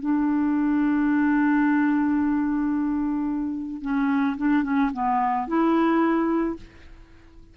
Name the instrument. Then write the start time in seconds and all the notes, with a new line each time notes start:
clarinet
0.00 D4
3.82 C#4
4.37 D4
4.63 C#4
4.93 B3
5.47 E4